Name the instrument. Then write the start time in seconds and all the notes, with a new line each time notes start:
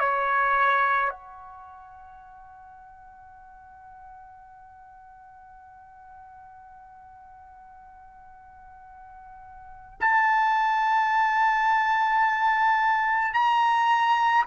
trumpet
0.00 C#5
1.11 F#5
10.01 A5
13.34 A#5